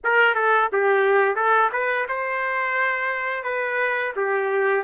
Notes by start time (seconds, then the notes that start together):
0.03 A#4
0.34 A4
0.72 G4
1.35 A4
1.72 B4
2.08 C5
3.43 B4
4.15 G4